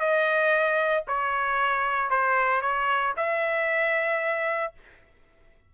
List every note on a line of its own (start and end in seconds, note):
0.00 1.04 D#5
1.07 2.10 C#5
2.10 2.62 C5
2.62 3.14 C#5
3.17 4.73 E5